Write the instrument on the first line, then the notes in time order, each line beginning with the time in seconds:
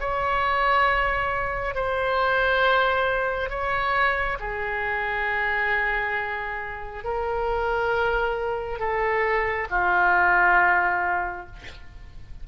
oboe
0.00 C#5
1.75 C5
3.50 C#5
4.40 G#4
7.04 A#4
8.79 A4
9.70 F4